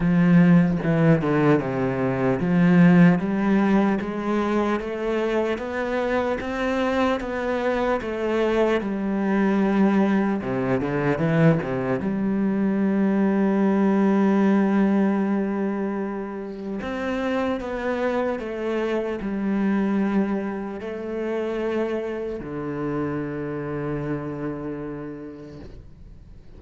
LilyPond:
\new Staff \with { instrumentName = "cello" } { \time 4/4 \tempo 4 = 75 f4 e8 d8 c4 f4 | g4 gis4 a4 b4 | c'4 b4 a4 g4~ | g4 c8 d8 e8 c8 g4~ |
g1~ | g4 c'4 b4 a4 | g2 a2 | d1 | }